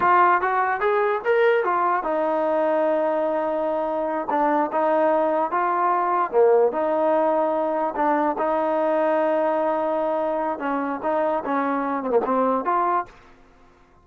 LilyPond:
\new Staff \with { instrumentName = "trombone" } { \time 4/4 \tempo 4 = 147 f'4 fis'4 gis'4 ais'4 | f'4 dis'2.~ | dis'2~ dis'8 d'4 dis'8~ | dis'4. f'2 ais8~ |
ais8 dis'2. d'8~ | d'8 dis'2.~ dis'8~ | dis'2 cis'4 dis'4 | cis'4. c'16 ais16 c'4 f'4 | }